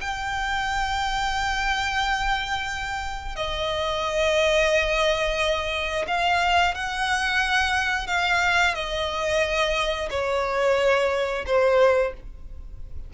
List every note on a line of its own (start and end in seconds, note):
0.00 3.36 G5
3.36 6.05 D#5
6.07 6.74 F5
6.74 8.07 F#5
8.07 8.74 F5
8.74 10.09 D#5
10.10 11.45 C#5
11.46 12.13 C5